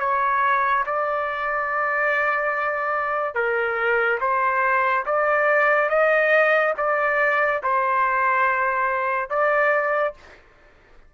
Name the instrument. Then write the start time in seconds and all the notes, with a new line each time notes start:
trumpet
0.00 C#5
0.87 D5
3.35 A#4
4.21 C5
5.06 D5
5.90 D#5
6.78 D5
7.63 C5
9.30 D5